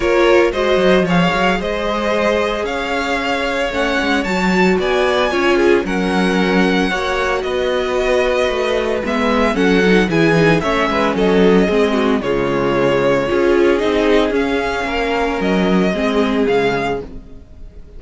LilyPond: <<
  \new Staff \with { instrumentName = "violin" } { \time 4/4 \tempo 4 = 113 cis''4 dis''4 f''4 dis''4~ | dis''4 f''2 fis''4 | a''4 gis''2 fis''4~ | fis''2 dis''2~ |
dis''4 e''4 fis''4 gis''4 | e''4 dis''2 cis''4~ | cis''2 dis''4 f''4~ | f''4 dis''2 f''4 | }
  \new Staff \with { instrumentName = "violin" } { \time 4/4 ais'4 c''4 cis''4 c''4~ | c''4 cis''2.~ | cis''4 d''4 cis''8 gis'8 ais'4~ | ais'4 cis''4 b'2~ |
b'2 a'4 gis'4 | cis''8 b'8 a'4 gis'8 fis'8 f'4~ | f'4 gis'2. | ais'2 gis'2 | }
  \new Staff \with { instrumentName = "viola" } { \time 4/4 f'4 fis'4 gis'2~ | gis'2. cis'4 | fis'2 f'4 cis'4~ | cis'4 fis'2.~ |
fis'4 b4 cis'8 dis'8 e'8 dis'8 | cis'2 c'4 gis4~ | gis4 f'4 dis'4 cis'4~ | cis'2 c'4 gis4 | }
  \new Staff \with { instrumentName = "cello" } { \time 4/4 ais4 gis8 fis8 f8 fis8 gis4~ | gis4 cis'2 a8 gis8 | fis4 b4 cis'4 fis4~ | fis4 ais4 b2 |
a4 gis4 fis4 e4 | a8 gis8 fis4 gis4 cis4~ | cis4 cis'4 c'4 cis'4 | ais4 fis4 gis4 cis4 | }
>>